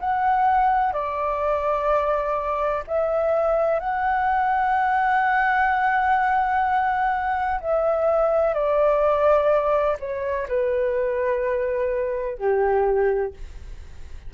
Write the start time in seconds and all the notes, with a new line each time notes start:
0.00 F#5
0.93 D5
2.87 E5
3.80 F#5
7.61 E5
8.54 D5
10.00 C#5
10.48 B4
12.38 G4